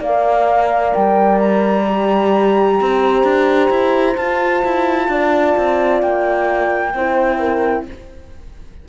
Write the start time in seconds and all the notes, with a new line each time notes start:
0.00 A#3 A#4 D5 F5
0.93 G3 G5
1.39 A#5
1.85 G4
2.81 C4 C5
3.24 D4
3.70 E4
4.16 F4 A5
4.65 E4
5.08 D4 D5
5.57 C4
6.01 A#3 G5
6.94 C4 E4 C5
7.40 A#4